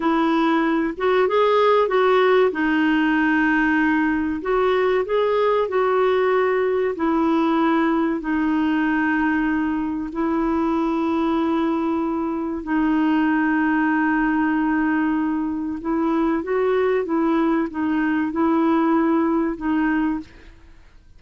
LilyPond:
\new Staff \with { instrumentName = "clarinet" } { \time 4/4 \tempo 4 = 95 e'4. fis'8 gis'4 fis'4 | dis'2. fis'4 | gis'4 fis'2 e'4~ | e'4 dis'2. |
e'1 | dis'1~ | dis'4 e'4 fis'4 e'4 | dis'4 e'2 dis'4 | }